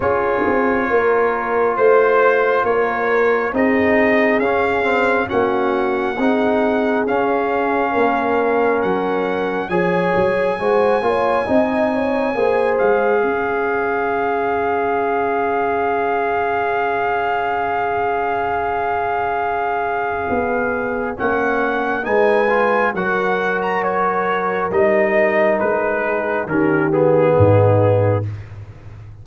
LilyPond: <<
  \new Staff \with { instrumentName = "trumpet" } { \time 4/4 \tempo 4 = 68 cis''2 c''4 cis''4 | dis''4 f''4 fis''2 | f''2 fis''4 gis''4~ | gis''2~ gis''8 f''4.~ |
f''1~ | f''1 | fis''4 gis''4 fis''8. ais''16 cis''4 | dis''4 b'4 ais'8 gis'4. | }
  \new Staff \with { instrumentName = "horn" } { \time 4/4 gis'4 ais'4 c''4 ais'4 | gis'2 fis'4 gis'4~ | gis'4 ais'2 cis''4 | c''8 cis''8 dis''8 cis''8 c''4 cis''4~ |
cis''1~ | cis''1~ | cis''4 b'4 ais'2~ | ais'4. gis'8 g'4 dis'4 | }
  \new Staff \with { instrumentName = "trombone" } { \time 4/4 f'1 | dis'4 cis'8 c'8 cis'4 dis'4 | cis'2. gis'4 | fis'8 f'8 dis'4 gis'2~ |
gis'1~ | gis'1 | cis'4 dis'8 f'8 fis'2 | dis'2 cis'8 b4. | }
  \new Staff \with { instrumentName = "tuba" } { \time 4/4 cis'8 c'8 ais4 a4 ais4 | c'4 cis'4 ais4 c'4 | cis'4 ais4 fis4 f8 fis8 | gis8 ais8 c'4 ais8 gis8 cis'4~ |
cis'1~ | cis'2. b4 | ais4 gis4 fis2 | g4 gis4 dis4 gis,4 | }
>>